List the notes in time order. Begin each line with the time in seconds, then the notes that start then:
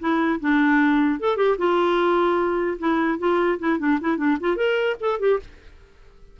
0.00 E4
0.41 D4
1.20 A4
1.37 G4
1.58 F4
2.79 E4
3.19 F4
3.59 E4
3.79 D4
4.01 E4
4.18 D4
4.41 F4
4.57 A#4
5.01 A4
5.20 G4